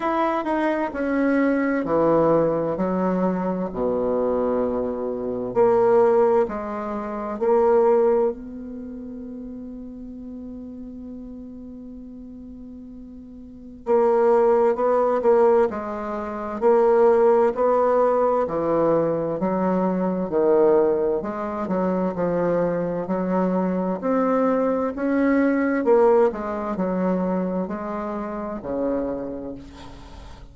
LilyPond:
\new Staff \with { instrumentName = "bassoon" } { \time 4/4 \tempo 4 = 65 e'8 dis'8 cis'4 e4 fis4 | b,2 ais4 gis4 | ais4 b2.~ | b2. ais4 |
b8 ais8 gis4 ais4 b4 | e4 fis4 dis4 gis8 fis8 | f4 fis4 c'4 cis'4 | ais8 gis8 fis4 gis4 cis4 | }